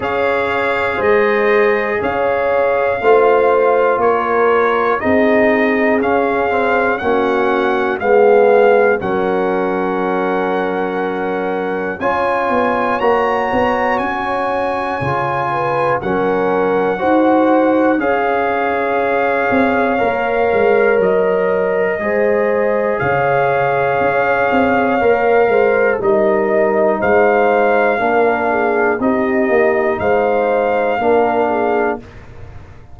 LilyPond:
<<
  \new Staff \with { instrumentName = "trumpet" } { \time 4/4 \tempo 4 = 60 f''4 dis''4 f''2 | cis''4 dis''4 f''4 fis''4 | f''4 fis''2. | gis''4 ais''4 gis''2 |
fis''2 f''2~ | f''4 dis''2 f''4~ | f''2 dis''4 f''4~ | f''4 dis''4 f''2 | }
  \new Staff \with { instrumentName = "horn" } { \time 4/4 cis''4 c''4 cis''4 c''4 | ais'4 gis'2 fis'4 | gis'4 ais'2. | cis''2.~ cis''8 b'8 |
ais'4 c''4 cis''2~ | cis''2 c''4 cis''4~ | cis''4. c''8 ais'4 c''4 | ais'8 gis'8 g'4 c''4 ais'8 gis'8 | }
  \new Staff \with { instrumentName = "trombone" } { \time 4/4 gis'2. f'4~ | f'4 dis'4 cis'8 c'8 cis'4 | b4 cis'2. | f'4 fis'2 f'4 |
cis'4 fis'4 gis'2 | ais'2 gis'2~ | gis'4 ais'4 dis'2 | d'4 dis'2 d'4 | }
  \new Staff \with { instrumentName = "tuba" } { \time 4/4 cis'4 gis4 cis'4 a4 | ais4 c'4 cis'4 ais4 | gis4 fis2. | cis'8 b8 ais8 b8 cis'4 cis4 |
fis4 dis'4 cis'4. c'8 | ais8 gis8 fis4 gis4 cis4 | cis'8 c'8 ais8 gis8 g4 gis4 | ais4 c'8 ais8 gis4 ais4 | }
>>